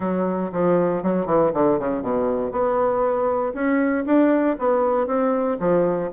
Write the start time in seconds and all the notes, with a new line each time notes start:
0.00 F#3
0.52 F3
1.02 F#3
1.26 E3
1.53 D3
1.79 C#3
2.02 B2
2.51 B3
3.54 C#4
4.06 D4
4.59 B3
5.06 C4
5.59 F3